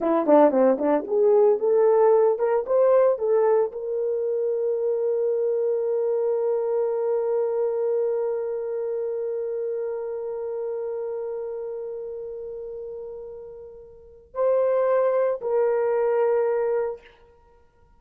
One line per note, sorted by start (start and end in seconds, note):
0.00 0.26 E4
0.26 0.50 D4
0.50 0.77 C4
0.78 1.05 D4
1.07 1.59 G#4
1.59 2.38 A4
2.38 2.65 A#4
2.66 3.18 C5
3.18 3.71 A4
3.72 14.34 A#4
14.34 15.40 C5
15.41 17.00 A#4